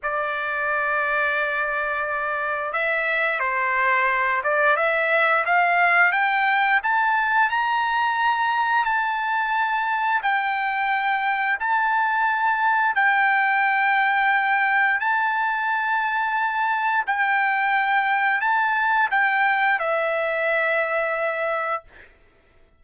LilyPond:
\new Staff \with { instrumentName = "trumpet" } { \time 4/4 \tempo 4 = 88 d''1 | e''4 c''4. d''8 e''4 | f''4 g''4 a''4 ais''4~ | ais''4 a''2 g''4~ |
g''4 a''2 g''4~ | g''2 a''2~ | a''4 g''2 a''4 | g''4 e''2. | }